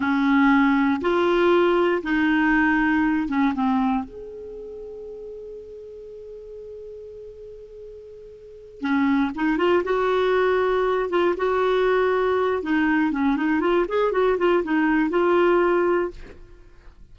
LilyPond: \new Staff \with { instrumentName = "clarinet" } { \time 4/4 \tempo 4 = 119 cis'2 f'2 | dis'2~ dis'8 cis'8 c'4 | gis'1~ | gis'1~ |
gis'4. cis'4 dis'8 f'8 fis'8~ | fis'2 f'8 fis'4.~ | fis'4 dis'4 cis'8 dis'8 f'8 gis'8 | fis'8 f'8 dis'4 f'2 | }